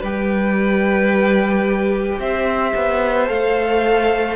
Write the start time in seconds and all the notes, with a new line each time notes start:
0.00 G3 G4 B4 G5
2.19 C4 C5 E5
2.75 B3
3.26 A3 A4 F5